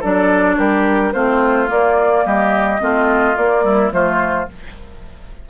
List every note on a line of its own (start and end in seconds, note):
0.00 0.58 F#3
0.00 1.13 D4
0.00 0.56 A4
0.00 0.58 D5
0.58 1.13 G3
0.58 1.13 G4
0.58 1.12 A#4
1.12 1.69 A3
1.12 1.67 C4
1.12 2.24 F4
1.12 1.68 C5
1.67 2.78 A#3
1.67 2.25 A#3
1.67 2.25 D5
2.25 2.81 G3
2.25 2.81 G4
2.25 3.36 D#5
2.79 3.37 A3
2.79 3.35 C4
2.79 3.64 F4
3.36 3.91 A#3
3.36 3.62 A#3
3.36 3.92 D5
3.62 3.90 G3
3.62 3.92 E4
3.91 4.47 F3
3.91 4.47 A3
3.91 4.49 F4
3.91 4.48 C5